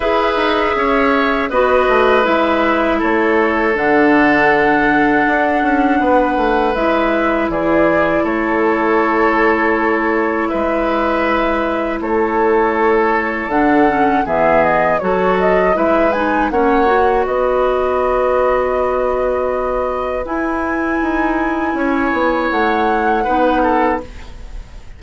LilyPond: <<
  \new Staff \with { instrumentName = "flute" } { \time 4/4 \tempo 4 = 80 e''2 dis''4 e''4 | cis''4 fis''2.~ | fis''4 e''4 d''4 cis''4~ | cis''2 e''2 |
cis''2 fis''4 e''8 dis''8 | cis''8 dis''8 e''8 gis''8 fis''4 dis''4~ | dis''2. gis''4~ | gis''2 fis''2 | }
  \new Staff \with { instrumentName = "oboe" } { \time 4/4 b'4 cis''4 b'2 | a'1 | b'2 gis'4 a'4~ | a'2 b'2 |
a'2. gis'4 | a'4 b'4 cis''4 b'4~ | b'1~ | b'4 cis''2 b'8 a'8 | }
  \new Staff \with { instrumentName = "clarinet" } { \time 4/4 gis'2 fis'4 e'4~ | e'4 d'2.~ | d'4 e'2.~ | e'1~ |
e'2 d'8 cis'8 b4 | fis'4 e'8 dis'8 cis'8 fis'4.~ | fis'2. e'4~ | e'2. dis'4 | }
  \new Staff \with { instrumentName = "bassoon" } { \time 4/4 e'8 dis'8 cis'4 b8 a8 gis4 | a4 d2 d'8 cis'8 | b8 a8 gis4 e4 a4~ | a2 gis2 |
a2 d4 e4 | fis4 gis4 ais4 b4~ | b2. e'4 | dis'4 cis'8 b8 a4 b4 | }
>>